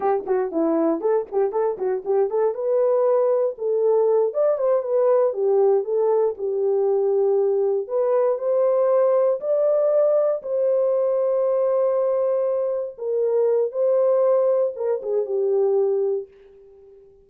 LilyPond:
\new Staff \with { instrumentName = "horn" } { \time 4/4 \tempo 4 = 118 g'8 fis'8 e'4 a'8 g'8 a'8 fis'8 | g'8 a'8 b'2 a'4~ | a'8 d''8 c''8 b'4 g'4 a'8~ | a'8 g'2. b'8~ |
b'8 c''2 d''4.~ | d''8 c''2.~ c''8~ | c''4. ais'4. c''4~ | c''4 ais'8 gis'8 g'2 | }